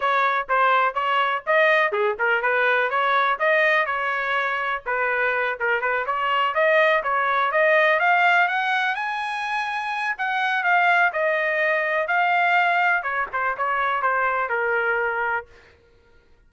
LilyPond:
\new Staff \with { instrumentName = "trumpet" } { \time 4/4 \tempo 4 = 124 cis''4 c''4 cis''4 dis''4 | gis'8 ais'8 b'4 cis''4 dis''4 | cis''2 b'4. ais'8 | b'8 cis''4 dis''4 cis''4 dis''8~ |
dis''8 f''4 fis''4 gis''4.~ | gis''4 fis''4 f''4 dis''4~ | dis''4 f''2 cis''8 c''8 | cis''4 c''4 ais'2 | }